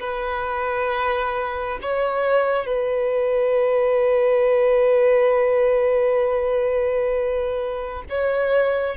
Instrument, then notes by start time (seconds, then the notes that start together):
violin
0.00 B4
1.82 C#5
2.66 B4
8.09 C#5